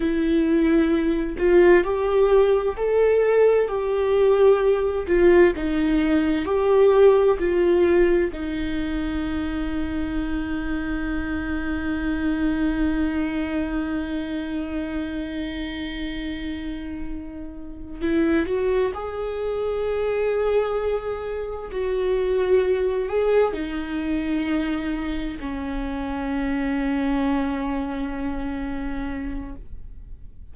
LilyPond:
\new Staff \with { instrumentName = "viola" } { \time 4/4 \tempo 4 = 65 e'4. f'8 g'4 a'4 | g'4. f'8 dis'4 g'4 | f'4 dis'2.~ | dis'1~ |
dis'2.~ dis'8 e'8 | fis'8 gis'2. fis'8~ | fis'4 gis'8 dis'2 cis'8~ | cis'1 | }